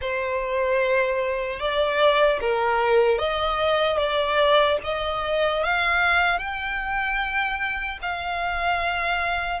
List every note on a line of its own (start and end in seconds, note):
0.01 1.59 C5
1.59 2.39 D5
2.40 3.18 A#4
3.18 3.97 D#5
3.97 4.77 D5
4.83 5.63 D#5
5.63 6.38 F5
6.38 7.98 G5
8.02 9.60 F5